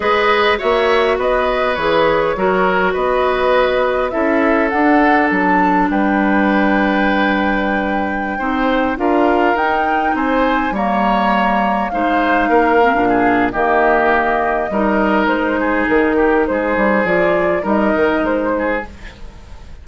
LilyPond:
<<
  \new Staff \with { instrumentName = "flute" } { \time 4/4 \tempo 4 = 102 dis''4 e''4 dis''4 cis''4~ | cis''4 dis''2 e''4 | fis''4 a''4 g''2~ | g''2.~ g''16 f''8.~ |
f''16 g''4 gis''4 ais''4.~ ais''16~ | ais''16 f''2~ f''8. dis''4~ | dis''2 c''4 ais'4 | c''4 d''4 dis''4 c''4 | }
  \new Staff \with { instrumentName = "oboe" } { \time 4/4 b'4 cis''4 b'2 | ais'4 b'2 a'4~ | a'2 b'2~ | b'2~ b'16 c''4 ais'8.~ |
ais'4~ ais'16 c''4 cis''4.~ cis''16~ | cis''16 c''4 ais'4 gis'8. g'4~ | g'4 ais'4. gis'4 g'8 | gis'2 ais'4. gis'8 | }
  \new Staff \with { instrumentName = "clarinet" } { \time 4/4 gis'4 fis'2 gis'4 | fis'2. e'4 | d'1~ | d'2~ d'16 dis'4 f'8.~ |
f'16 dis'2 ais4.~ ais16~ | ais16 dis'4. c'16 d'4 ais4~ | ais4 dis'2.~ | dis'4 f'4 dis'2 | }
  \new Staff \with { instrumentName = "bassoon" } { \time 4/4 gis4 ais4 b4 e4 | fis4 b2 cis'4 | d'4 fis4 g2~ | g2~ g16 c'4 d'8.~ |
d'16 dis'4 c'4 g4.~ g16~ | g16 gis4 ais8. ais,4 dis4~ | dis4 g4 gis4 dis4 | gis8 g8 f4 g8 dis8 gis4 | }
>>